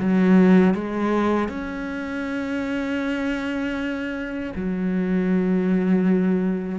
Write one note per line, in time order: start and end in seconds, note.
0.00 0.75 F#3
0.75 1.49 G#3
1.49 4.53 C#4
4.56 6.79 F#3